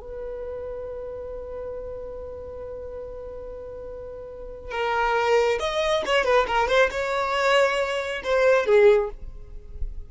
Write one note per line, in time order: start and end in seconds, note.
0.00 4.71 B4
4.71 5.59 A#4
5.59 6.03 D#5
6.05 6.24 C#5
6.24 6.46 B4
6.47 6.68 A#4
6.68 6.90 C5
6.91 8.22 C#5
8.23 8.66 C5
8.66 9.10 G#4